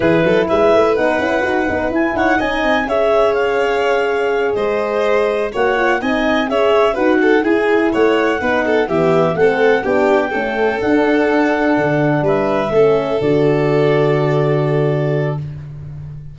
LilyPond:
<<
  \new Staff \with { instrumentName = "clarinet" } { \time 4/4 \tempo 4 = 125 b'4 e''4 fis''2 | gis''8 fis''8 gis''4 e''4 f''4~ | f''4. dis''2 fis''8~ | fis''8 gis''4 e''4 fis''4 gis''8~ |
gis''8 fis''2 e''4 fis''8~ | fis''8 g''2 fis''4.~ | fis''4. e''2 d''8~ | d''1 | }
  \new Staff \with { instrumentName = "violin" } { \time 4/4 gis'8 a'8 b'2.~ | b'8 cis''8 dis''4 cis''2~ | cis''4. c''2 cis''8~ | cis''8 dis''4 cis''4 b'8 a'8 gis'8~ |
gis'8 cis''4 b'8 a'8 g'4 a'8~ | a'8 g'4 a'2~ a'8~ | a'4. b'4 a'4.~ | a'1 | }
  \new Staff \with { instrumentName = "horn" } { \time 4/4 e'2 dis'8 e'8 fis'8 dis'8 | e'4 dis'4 gis'2~ | gis'2.~ gis'8 fis'8 | f'8 dis'4 gis'4 fis'4 e'8~ |
e'4. dis'4 b4 c'8~ | c'8 d'4 a4 d'4.~ | d'2~ d'8 cis'4 fis'8~ | fis'1 | }
  \new Staff \with { instrumentName = "tuba" } { \time 4/4 e8 fis8 gis8 a8 b8 cis'8 dis'8 b8 | e'8 dis'8 cis'8 c'8 cis'2~ | cis'4. gis2 ais8~ | ais8 c'4 cis'4 dis'4 e'8~ |
e'8 a4 b4 e4 a8~ | a8 b4 cis'4 d'4.~ | d'8 d4 g4 a4 d8~ | d1 | }
>>